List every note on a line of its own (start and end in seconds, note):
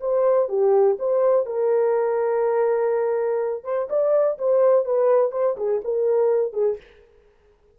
0.00 0.48 C5
0.48 0.97 G4
0.99 1.46 C5
1.46 3.64 A#4
3.64 3.88 C5
3.90 4.38 D5
4.38 4.85 C5
4.85 5.31 B4
5.31 5.56 C5
5.57 5.81 G#4
5.84 6.53 A#4
6.53 6.77 G#4